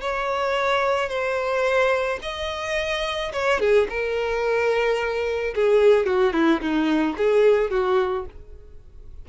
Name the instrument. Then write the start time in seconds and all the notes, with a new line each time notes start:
violin
0.00 C#5
1.09 C5
2.22 D#5
3.32 C#5
3.59 G#4
3.89 A#4
5.55 G#4
6.06 F#4
6.33 E4
6.60 D#4
7.17 G#4
7.70 F#4